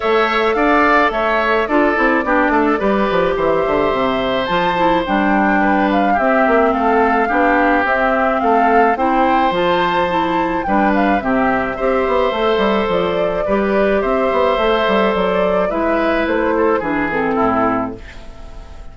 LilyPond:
<<
  \new Staff \with { instrumentName = "flute" } { \time 4/4 \tempo 4 = 107 e''4 f''4 e''4 d''4~ | d''2 e''2 | a''4 g''4. f''8 e''4 | f''2 e''4 f''4 |
g''4 a''2 g''8 f''8 | e''2. d''4~ | d''4 e''2 d''4 | e''4 c''4 b'8 a'4. | }
  \new Staff \with { instrumentName = "oboe" } { \time 4/4 cis''4 d''4 cis''4 a'4 | g'8 a'8 b'4 c''2~ | c''2 b'4 g'4 | a'4 g'2 a'4 |
c''2. b'4 | g'4 c''2. | b'4 c''2. | b'4. a'8 gis'4 e'4 | }
  \new Staff \with { instrumentName = "clarinet" } { \time 4/4 a'2. f'8 e'8 | d'4 g'2. | f'8 e'8 d'2 c'4~ | c'4 d'4 c'2 |
e'4 f'4 e'4 d'4 | c'4 g'4 a'2 | g'2 a'2 | e'2 d'8 c'4. | }
  \new Staff \with { instrumentName = "bassoon" } { \time 4/4 a4 d'4 a4 d'8 c'8 | b8 a8 g8 f8 e8 d8 c4 | f4 g2 c'8 ais8 | a4 b4 c'4 a4 |
c'4 f2 g4 | c4 c'8 b8 a8 g8 f4 | g4 c'8 b8 a8 g8 fis4 | gis4 a4 e4 a,4 | }
>>